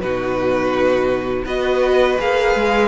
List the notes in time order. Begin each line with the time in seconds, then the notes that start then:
0.00 B2 D#4 F#4 B4
1.45 B3 F#4 B4 D#5
2.19 A#3 G#4 F5
2.55 G#3